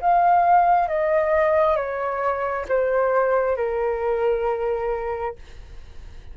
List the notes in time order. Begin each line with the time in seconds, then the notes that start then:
0.00 F5
0.88 D#5
1.76 C#5
2.68 C5
3.56 A#4